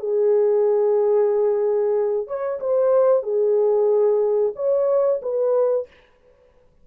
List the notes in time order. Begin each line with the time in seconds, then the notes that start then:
0.00 G#4
2.27 C#5
2.60 C5
3.23 G#4
4.56 C#5
5.22 B4